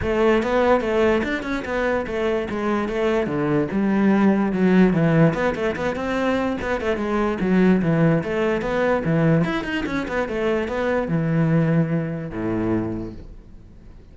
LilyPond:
\new Staff \with { instrumentName = "cello" } { \time 4/4 \tempo 4 = 146 a4 b4 a4 d'8 cis'8 | b4 a4 gis4 a4 | d4 g2 fis4 | e4 b8 a8 b8 c'4. |
b8 a8 gis4 fis4 e4 | a4 b4 e4 e'8 dis'8 | cis'8 b8 a4 b4 e4~ | e2 a,2 | }